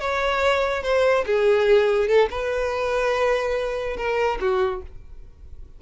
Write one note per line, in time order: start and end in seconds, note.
0.00 0.83 C#5
0.83 1.25 C5
1.26 2.08 G#4
2.08 2.29 A4
2.30 3.97 B4
3.97 4.38 A#4
4.40 4.82 F#4